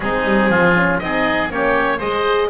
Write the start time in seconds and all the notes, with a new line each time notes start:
0.00 G#3 C4 D#4 G#4
0.24 G3
0.49 F3 F4
0.75 C#4
0.99 C4 D#4 G#4 D#5
1.49 A#3 C#4 G4 C#5
1.97 G#3 G#4 C5 D#5